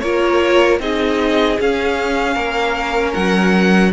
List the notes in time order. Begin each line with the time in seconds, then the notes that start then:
0.00 A#3 F4 A#4 C#5
0.79 C4 D#4 G#4 D#5
1.59 C#4 F5
2.34 A#3 A#4
3.14 F#3 F#5